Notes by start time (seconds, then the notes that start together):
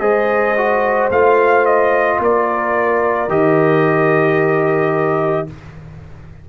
0.00 G#3 G#4 C5 D#5
0.57 F#4
1.10 A3 F4 F5
1.66 D#5
2.19 A#3 A#4 D5
3.29 D#3 G4 D#5